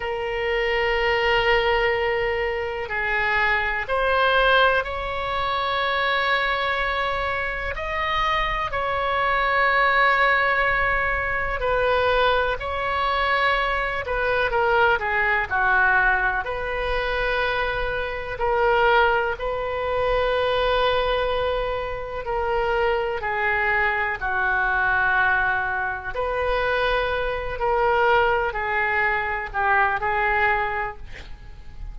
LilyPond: \new Staff \with { instrumentName = "oboe" } { \time 4/4 \tempo 4 = 62 ais'2. gis'4 | c''4 cis''2. | dis''4 cis''2. | b'4 cis''4. b'8 ais'8 gis'8 |
fis'4 b'2 ais'4 | b'2. ais'4 | gis'4 fis'2 b'4~ | b'8 ais'4 gis'4 g'8 gis'4 | }